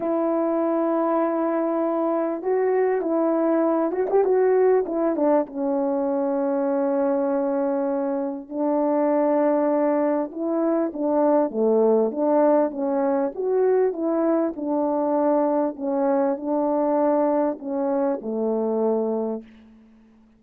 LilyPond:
\new Staff \with { instrumentName = "horn" } { \time 4/4 \tempo 4 = 99 e'1 | fis'4 e'4. fis'16 g'16 fis'4 | e'8 d'8 cis'2.~ | cis'2 d'2~ |
d'4 e'4 d'4 a4 | d'4 cis'4 fis'4 e'4 | d'2 cis'4 d'4~ | d'4 cis'4 a2 | }